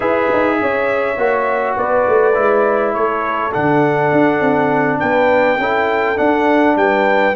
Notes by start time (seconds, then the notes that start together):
0.00 E4 G#4 B4 E5
0.32 D#4
0.61 C#4 C#5
1.17 A#3 F#4
1.76 B3 B4 D5
2.08 A3
2.34 G#3 E4
2.93 A3 A4 C#5
3.52 D3 D4 F#5
4.12 D4
4.40 C4
4.99 B3 B4 G5
5.57 C#4 E4 A4
6.15 D4 F#5
6.76 G3 B4 G5